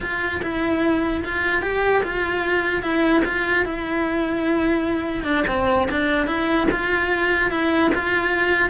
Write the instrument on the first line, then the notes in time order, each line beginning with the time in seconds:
cello
0.00 F4
0.42 E4
1.24 F4
1.61 G4
2.03 F4
2.82 E4
3.24 F4
3.65 E4
5.24 D4
5.47 C4
5.90 D4
6.26 E4
6.71 F4
7.50 E4
7.94 F4